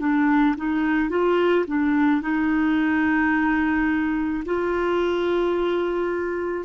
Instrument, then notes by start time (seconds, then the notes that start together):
clarinet
0.00 D4
0.58 D#4
1.10 F4
1.68 D4
2.22 D#4
4.46 F4